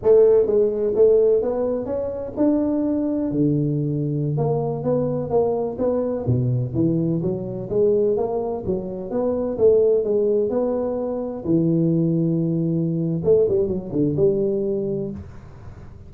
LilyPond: \new Staff \with { instrumentName = "tuba" } { \time 4/4 \tempo 4 = 127 a4 gis4 a4 b4 | cis'4 d'2 d4~ | d4~ d16 ais4 b4 ais8.~ | ais16 b4 b,4 e4 fis8.~ |
fis16 gis4 ais4 fis4 b8.~ | b16 a4 gis4 b4.~ b16~ | b16 e2.~ e8. | a8 g8 fis8 d8 g2 | }